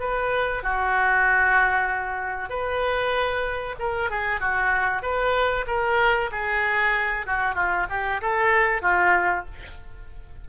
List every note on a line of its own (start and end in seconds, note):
0.00 0.63 B4
0.63 2.49 F#4
2.49 3.76 B4
3.79 4.11 A#4
4.11 4.40 G#4
4.40 5.03 F#4
5.03 5.66 B4
5.67 6.30 A#4
6.32 7.27 G#4
7.27 7.56 F#4
7.56 7.87 F4
7.90 8.21 G4
8.22 8.82 A4
8.82 9.45 F4